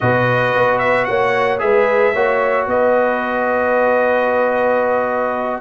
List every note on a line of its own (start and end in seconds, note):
0.00 0.55 B2
0.00 1.59 F#4
0.00 1.07 B4
0.00 0.78 D#5
0.55 1.08 B3
0.78 1.04 E5
1.04 1.62 A#3
1.04 1.61 C#5
1.04 1.58 F#5
1.59 2.14 G#3
1.59 2.12 G#4
1.59 2.13 B4
1.59 2.67 E5
2.13 2.66 A#3
2.13 5.60 F#4
2.13 2.67 C#5
2.66 5.60 B3
2.66 5.60 B4
2.66 5.60 D#5